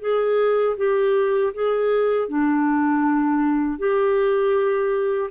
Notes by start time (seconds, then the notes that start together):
0.00 G#4
0.76 G4
1.54 G#4
2.28 D4
3.78 G4